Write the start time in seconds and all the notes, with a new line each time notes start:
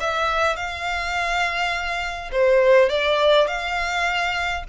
0.00 E5
0.56 F5
2.32 C5
2.89 D5
3.47 F5